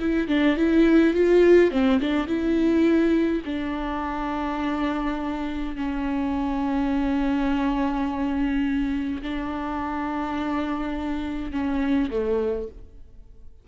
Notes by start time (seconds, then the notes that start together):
0.00 E4
0.28 D4
0.57 E4
1.14 F4
1.71 C4
2.00 D4
2.27 E4
3.45 D4
5.76 C#4
9.22 D4
11.52 C#4
12.10 A3